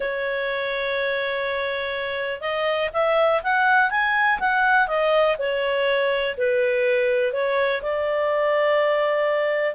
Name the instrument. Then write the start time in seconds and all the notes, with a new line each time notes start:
clarinet
0.00 C#5
2.40 D#5
2.93 E5
3.43 F#5
3.90 G#5
4.39 F#5
4.87 D#5
5.38 C#5
6.37 B4
7.32 C#5
7.82 D5